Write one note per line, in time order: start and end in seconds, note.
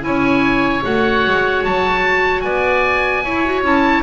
0.00 0.83 C#4
0.00 0.80 E4
0.00 0.83 G#5
0.06 2.44 C#5
0.82 1.25 A3
0.82 3.22 F#4
0.82 1.64 F#5
1.26 1.65 G#3
1.64 2.44 F#3
1.64 2.41 A5
2.41 3.24 B3
2.41 3.23 D5
2.41 3.61 G#5
3.23 3.62 E4
3.23 3.45 E4
3.23 4.03 C#5
3.45 3.63 F#4
3.62 4.02 C#4
3.62 4.03 E4
3.62 4.03 A5